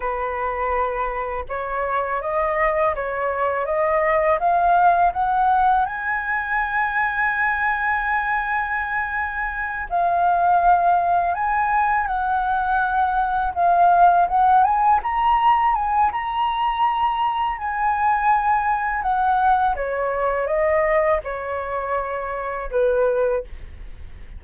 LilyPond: \new Staff \with { instrumentName = "flute" } { \time 4/4 \tempo 4 = 82 b'2 cis''4 dis''4 | cis''4 dis''4 f''4 fis''4 | gis''1~ | gis''4. f''2 gis''8~ |
gis''8 fis''2 f''4 fis''8 | gis''8 ais''4 gis''8 ais''2 | gis''2 fis''4 cis''4 | dis''4 cis''2 b'4 | }